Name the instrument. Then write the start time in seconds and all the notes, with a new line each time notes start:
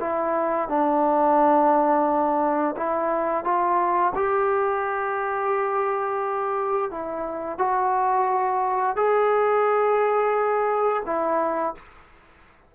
trombone
0.00 E4
0.68 D4
2.76 E4
3.44 F4
4.15 G4
6.91 E4
7.58 F#4
8.96 G#4
11.05 E4